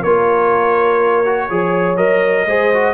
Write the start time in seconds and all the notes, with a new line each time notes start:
0.00 A#3 F4 A#4 C#5
1.26 F#4
1.50 F3 G#4 C#5
1.97 F#3 A#4 D#5
2.46 G#3 G#4 C5
2.74 F#4